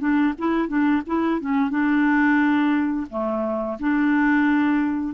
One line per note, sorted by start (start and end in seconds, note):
0.00 0.34 D4
0.38 0.68 E4
0.68 1.03 D4
1.07 1.41 E4
1.41 1.71 C#4
1.71 3.07 D4
3.11 3.79 A3
3.80 5.15 D4